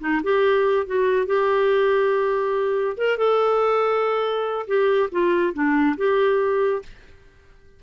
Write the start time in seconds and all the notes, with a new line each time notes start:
0.00 D#4
0.23 G4
0.86 F#4
1.26 G4
2.97 A#4
3.17 A4
4.67 G4
5.12 F4
5.53 D4
5.97 G4